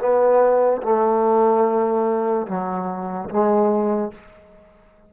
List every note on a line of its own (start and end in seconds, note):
0.00 0.82 B3
0.83 2.47 A3
2.47 3.30 F#3
3.30 4.12 G#3